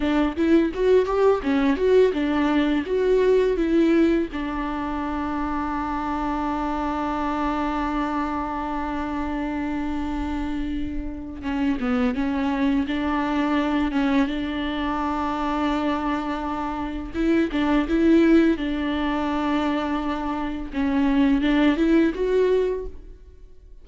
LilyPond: \new Staff \with { instrumentName = "viola" } { \time 4/4 \tempo 4 = 84 d'8 e'8 fis'8 g'8 cis'8 fis'8 d'4 | fis'4 e'4 d'2~ | d'1~ | d'1 |
cis'8 b8 cis'4 d'4. cis'8 | d'1 | e'8 d'8 e'4 d'2~ | d'4 cis'4 d'8 e'8 fis'4 | }